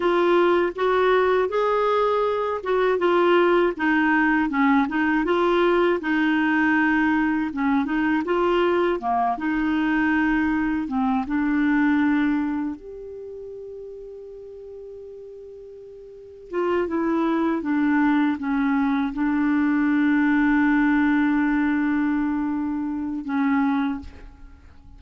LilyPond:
\new Staff \with { instrumentName = "clarinet" } { \time 4/4 \tempo 4 = 80 f'4 fis'4 gis'4. fis'8 | f'4 dis'4 cis'8 dis'8 f'4 | dis'2 cis'8 dis'8 f'4 | ais8 dis'2 c'8 d'4~ |
d'4 g'2.~ | g'2 f'8 e'4 d'8~ | d'8 cis'4 d'2~ d'8~ | d'2. cis'4 | }